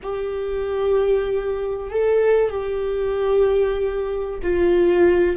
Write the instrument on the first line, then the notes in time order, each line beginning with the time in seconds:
viola
0.02 G4
1.90 A4
2.50 G4
4.42 F4